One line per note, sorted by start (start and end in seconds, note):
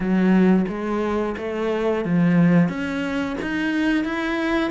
0.00 0.65 F#3
0.68 1.35 G#3
1.37 2.04 A3
2.04 2.68 F3
2.68 3.36 C#4
3.41 4.04 D#4
4.04 4.70 E4